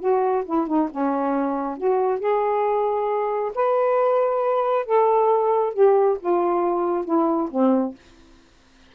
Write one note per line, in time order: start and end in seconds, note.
0.00 0.44 F#4
0.45 0.67 E4
0.67 0.89 D#4
0.91 1.78 C#4
1.78 2.20 F#4
2.20 3.52 G#4
3.55 4.86 B4
4.86 5.74 A4
5.74 6.18 G4
6.20 7.05 F4
7.05 7.49 E4
7.51 7.95 C4